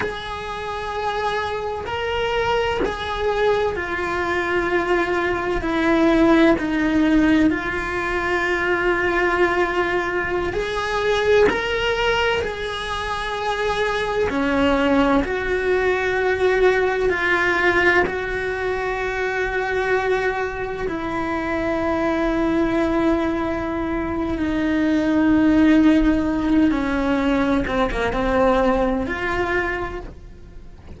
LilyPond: \new Staff \with { instrumentName = "cello" } { \time 4/4 \tempo 4 = 64 gis'2 ais'4 gis'4 | f'2 e'4 dis'4 | f'2.~ f'16 gis'8.~ | gis'16 ais'4 gis'2 cis'8.~ |
cis'16 fis'2 f'4 fis'8.~ | fis'2~ fis'16 e'4.~ e'16~ | e'2 dis'2~ | dis'8 cis'4 c'16 ais16 c'4 f'4 | }